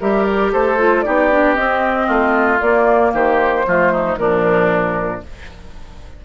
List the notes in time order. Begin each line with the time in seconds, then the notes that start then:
0.00 G3 G4 A#4 E5
0.24 D5
0.52 A3 A4 C5
0.78 F4
1.02 B3 D#4 G4 D5
1.31 D4
1.54 C4 D#5
2.07 A3 F4
2.60 A#3 D5
3.13 D#3 G4 C5
3.67 F3 A3 F4
3.92 D#4
4.17 A#2 F3 D4 A#4